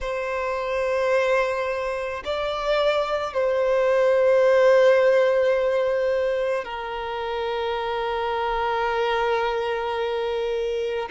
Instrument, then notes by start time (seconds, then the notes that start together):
violin
0.01 C5
2.25 D5
3.33 C5
6.64 A#4